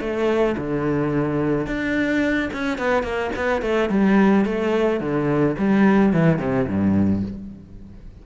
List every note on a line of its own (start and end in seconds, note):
0.00 0.56 A3
0.57 1.66 D3
1.66 2.50 D4
2.53 2.78 C#4
2.78 3.03 B3
3.03 3.30 A#3
3.36 3.62 B3
3.62 3.89 A3
3.89 4.45 G3
4.45 5.00 A3
5.00 5.56 D3
5.58 6.13 G3
6.13 6.38 E3
6.38 6.66 C3
6.67 7.23 G2